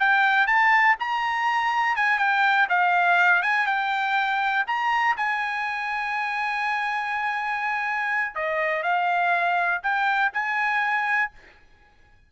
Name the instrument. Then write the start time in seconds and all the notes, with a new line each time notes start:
trumpet
0.00 G5
0.47 A5
1.00 A#5
1.96 G#5
2.19 G5
2.69 F5
3.43 G#5
3.67 G5
4.67 A#5
5.17 G#5
8.36 D#5
8.83 F5
9.83 G5
10.33 G#5